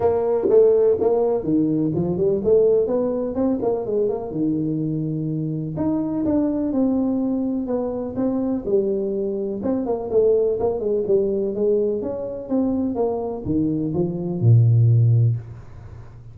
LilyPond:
\new Staff \with { instrumentName = "tuba" } { \time 4/4 \tempo 4 = 125 ais4 a4 ais4 dis4 | f8 g8 a4 b4 c'8 ais8 | gis8 ais8 dis2. | dis'4 d'4 c'2 |
b4 c'4 g2 | c'8 ais8 a4 ais8 gis8 g4 | gis4 cis'4 c'4 ais4 | dis4 f4 ais,2 | }